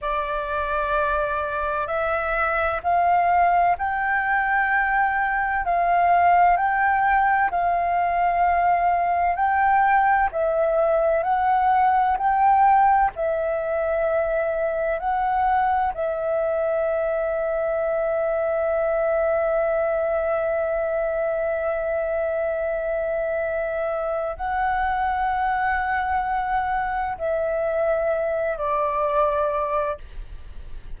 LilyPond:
\new Staff \with { instrumentName = "flute" } { \time 4/4 \tempo 4 = 64 d''2 e''4 f''4 | g''2 f''4 g''4 | f''2 g''4 e''4 | fis''4 g''4 e''2 |
fis''4 e''2.~ | e''1~ | e''2 fis''2~ | fis''4 e''4. d''4. | }